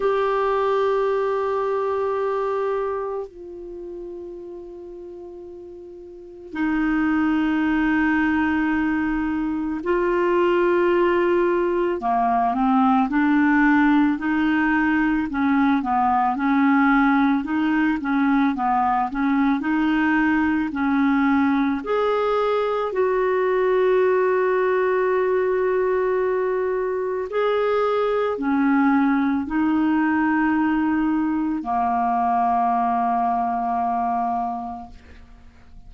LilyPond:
\new Staff \with { instrumentName = "clarinet" } { \time 4/4 \tempo 4 = 55 g'2. f'4~ | f'2 dis'2~ | dis'4 f'2 ais8 c'8 | d'4 dis'4 cis'8 b8 cis'4 |
dis'8 cis'8 b8 cis'8 dis'4 cis'4 | gis'4 fis'2.~ | fis'4 gis'4 cis'4 dis'4~ | dis'4 ais2. | }